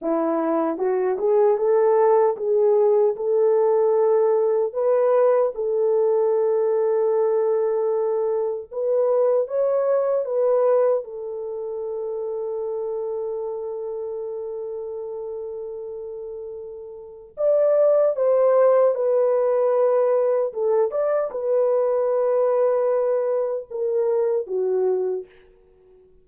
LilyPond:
\new Staff \with { instrumentName = "horn" } { \time 4/4 \tempo 4 = 76 e'4 fis'8 gis'8 a'4 gis'4 | a'2 b'4 a'4~ | a'2. b'4 | cis''4 b'4 a'2~ |
a'1~ | a'2 d''4 c''4 | b'2 a'8 d''8 b'4~ | b'2 ais'4 fis'4 | }